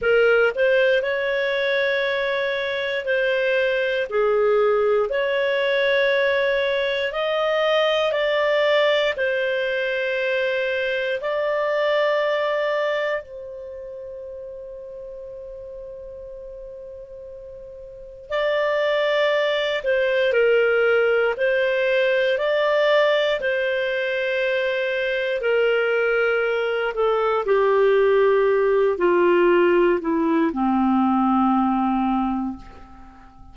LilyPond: \new Staff \with { instrumentName = "clarinet" } { \time 4/4 \tempo 4 = 59 ais'8 c''8 cis''2 c''4 | gis'4 cis''2 dis''4 | d''4 c''2 d''4~ | d''4 c''2.~ |
c''2 d''4. c''8 | ais'4 c''4 d''4 c''4~ | c''4 ais'4. a'8 g'4~ | g'8 f'4 e'8 c'2 | }